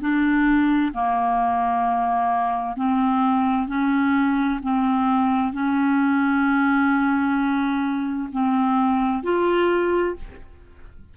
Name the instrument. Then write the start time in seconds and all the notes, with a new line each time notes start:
clarinet
0.00 D4
0.93 A#3
2.76 C4
3.67 C#4
4.62 C4
5.52 C#4
8.32 C4
9.23 F4